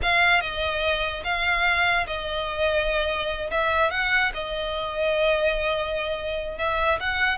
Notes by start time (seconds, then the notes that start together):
0.02 F5
0.41 D#5
1.24 F5
2.06 D#5
3.50 E5
3.90 F#5
4.34 D#5
6.58 E5
7.00 F#5